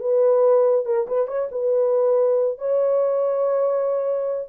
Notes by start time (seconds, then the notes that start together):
0.00 B4
0.86 A#4
1.08 B4
1.28 C#5
1.52 B4
2.59 C#5